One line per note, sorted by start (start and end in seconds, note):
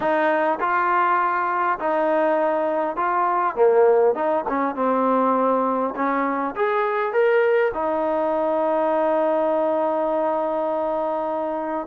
0.00 0.58 D#4
0.59 1.78 F4
1.79 2.96 D#4
2.96 3.55 F4
3.55 4.14 A#3
4.14 4.44 D#4
4.48 4.75 C#4
4.75 5.94 C4
5.95 6.55 C#4
6.55 7.12 G#4
7.12 7.72 A#4
7.74 11.87 D#4